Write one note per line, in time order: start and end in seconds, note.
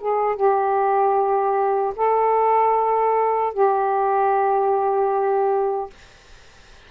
0.00 0.36 G#4
0.36 1.93 G4
1.96 3.53 A4
3.53 5.90 G4